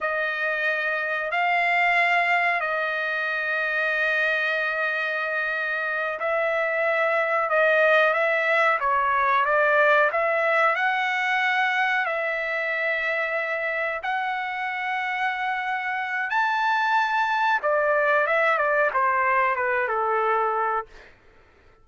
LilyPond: \new Staff \with { instrumentName = "trumpet" } { \time 4/4 \tempo 4 = 92 dis''2 f''2 | dis''1~ | dis''4. e''2 dis''8~ | dis''8 e''4 cis''4 d''4 e''8~ |
e''8 fis''2 e''4.~ | e''4. fis''2~ fis''8~ | fis''4 a''2 d''4 | e''8 d''8 c''4 b'8 a'4. | }